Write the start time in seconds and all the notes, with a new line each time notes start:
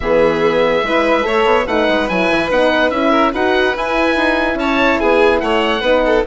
0.00 E3 B3 G#4 E5
0.82 G#3 E4 B4
1.22 A3 A4 C#5
1.45 B3
1.66 A3 D#4 B4 F#5
1.88 G#3
2.09 F#3 E4 G#5
2.30 E3
2.50 B3 D#4 F#5
2.90 C#4 E4 E5
3.10 A#4
3.32 D#4 F#4 B4 F#5
3.76 E4 G#5
4.16 D#4
4.54 C#4 C#5 A5
4.99 B3 G#4 G#5
5.40 A3 C#5 F#5
5.81 B3 D#4 B4
6.05 A4